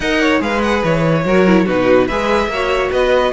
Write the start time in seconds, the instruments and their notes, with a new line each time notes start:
0.00 cello D#4, viola A#4, violin D#5 F#5
0.21 violin C#5
0.39 cello G#3, viola G#4, violin B4 F5
0.62 violin F#5
0.83 cello E3, violin C#5
1.25 cello F#3, viola F#4, violin A#4
1.47 viola E4
1.65 cello B2, viola D#4, violin F#4 B4
2.07 cello G#3, viola G#4, violin B4 E5
2.47 cello A#3, viola F#4, violin C#5
2.91 cello B3, violin B4 D#5